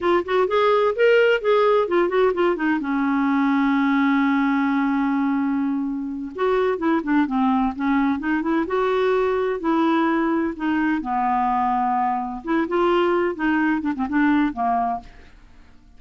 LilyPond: \new Staff \with { instrumentName = "clarinet" } { \time 4/4 \tempo 4 = 128 f'8 fis'8 gis'4 ais'4 gis'4 | f'8 fis'8 f'8 dis'8 cis'2~ | cis'1~ | cis'4. fis'4 e'8 d'8 c'8~ |
c'8 cis'4 dis'8 e'8 fis'4.~ | fis'8 e'2 dis'4 b8~ | b2~ b8 e'8 f'4~ | f'8 dis'4 d'16 c'16 d'4 ais4 | }